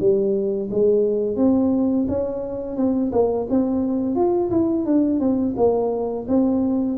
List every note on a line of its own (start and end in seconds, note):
0.00 0.70 G3
0.71 1.37 G#3
1.37 2.06 C4
2.09 2.77 C#4
2.77 3.12 C4
3.12 3.47 A#3
3.50 4.16 C4
4.16 4.51 F4
4.51 4.86 E4
4.86 5.20 D4
5.20 5.55 C4
5.57 6.27 A#3
6.28 6.98 C4